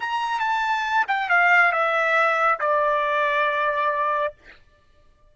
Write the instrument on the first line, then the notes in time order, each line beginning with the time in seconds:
trumpet
0.00 A#5
0.40 A5
1.08 G5
1.30 F5
1.72 E5
2.60 D5